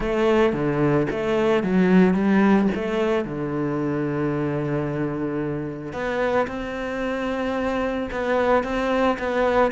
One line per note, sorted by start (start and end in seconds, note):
0.00 0.52 A3
0.52 1.06 D3
1.10 1.63 A3
1.63 2.14 F#3
2.14 2.68 G3
2.74 3.25 A3
3.25 5.92 D3
5.92 6.46 B3
6.47 8.09 C4
8.11 8.63 B3
8.63 9.17 C4
9.18 9.71 B3